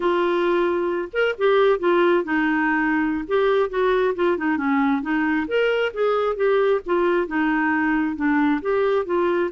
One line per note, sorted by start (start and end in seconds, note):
0.00 1.08 F4
1.12 1.35 A#4
1.38 1.79 G4
1.79 2.23 F4
2.24 3.24 D#4
3.27 3.69 G4
3.69 4.14 F#4
4.15 4.37 F4
4.37 4.57 D#4
4.57 5.02 C#4
5.02 5.46 D#4
5.47 5.92 A#4
5.93 6.36 G#4
6.36 6.81 G4
6.85 7.27 F4
7.27 8.16 D#4
8.16 8.60 D4
8.61 9.05 G4
9.05 9.50 F4